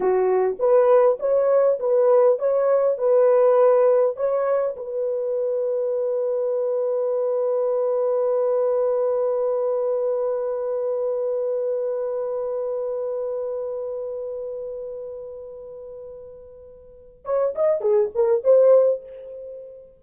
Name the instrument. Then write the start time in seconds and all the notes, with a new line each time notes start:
horn
0.00 F#4
0.59 B4
1.19 C#5
1.79 B4
2.38 C#5
2.98 B4
4.16 C#5
4.76 B4
17.24 C#5
17.55 D#5
17.80 G#4
18.14 A#4
18.43 C5